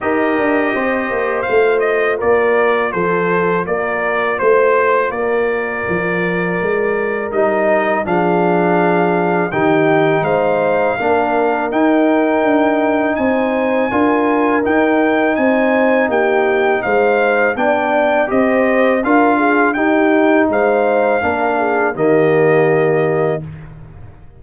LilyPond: <<
  \new Staff \with { instrumentName = "trumpet" } { \time 4/4 \tempo 4 = 82 dis''2 f''8 dis''8 d''4 | c''4 d''4 c''4 d''4~ | d''2 dis''4 f''4~ | f''4 g''4 f''2 |
g''2 gis''2 | g''4 gis''4 g''4 f''4 | g''4 dis''4 f''4 g''4 | f''2 dis''2 | }
  \new Staff \with { instrumentName = "horn" } { \time 4/4 ais'4 c''2 ais'4 | a'4 ais'4 c''4 ais'4~ | ais'2. gis'4~ | gis'4 g'4 c''4 ais'4~ |
ais'2 c''4 ais'4~ | ais'4 c''4 g'4 c''4 | d''4 c''4 ais'8 gis'8 g'4 | c''4 ais'8 gis'8 g'2 | }
  \new Staff \with { instrumentName = "trombone" } { \time 4/4 g'2 f'2~ | f'1~ | f'2 dis'4 d'4~ | d'4 dis'2 d'4 |
dis'2. f'4 | dis'1 | d'4 g'4 f'4 dis'4~ | dis'4 d'4 ais2 | }
  \new Staff \with { instrumentName = "tuba" } { \time 4/4 dis'8 d'8 c'8 ais8 a4 ais4 | f4 ais4 a4 ais4 | f4 gis4 g4 f4~ | f4 dis4 gis4 ais4 |
dis'4 d'4 c'4 d'4 | dis'4 c'4 ais4 gis4 | b4 c'4 d'4 dis'4 | gis4 ais4 dis2 | }
>>